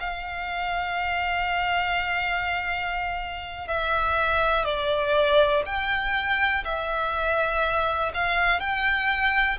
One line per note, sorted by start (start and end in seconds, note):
0.00 3.68 F5
3.68 4.65 E5
4.65 5.63 D5
5.66 6.64 G5
6.64 8.12 E5
8.14 8.60 F5
8.60 9.59 G5